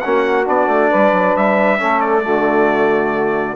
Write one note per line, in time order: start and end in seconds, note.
0.00 0.47 A#3
0.00 0.45 C#4
0.00 0.90 F#4
0.00 0.44 F#5
0.45 0.67 B3
0.45 1.78 D4
0.45 1.36 D5
0.67 0.89 A3
0.90 1.12 G3
0.90 1.79 B4
1.12 1.34 F#3
1.35 1.80 G3
1.35 2.01 E5
1.78 2.25 A3
1.78 2.22 C#4
1.78 2.23 A4
2.01 3.56 D5
2.22 3.56 D3
2.22 3.55 A3
2.22 3.56 F#4